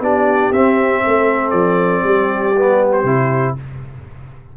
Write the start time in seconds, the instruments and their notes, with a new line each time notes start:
0.00 tuba B3, trombone D4, horn G4, trumpet D5
0.51 tuba C4, trombone C4, trumpet E5
1.03 tuba A3, horn A4
1.50 tuba F3, trumpet D5
2.03 tuba G3, horn G4
2.56 trombone B3
2.92 trumpet C5
3.03 tuba C3, trombone E4